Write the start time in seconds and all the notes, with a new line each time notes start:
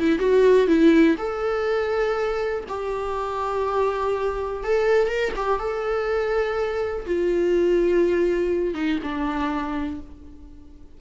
0.00 E4
0.19 F#4
0.67 E4
1.18 A4
2.69 G4
4.64 A4
5.08 A#4
5.36 G4
5.60 A4
7.06 F4
8.75 D#4
9.03 D4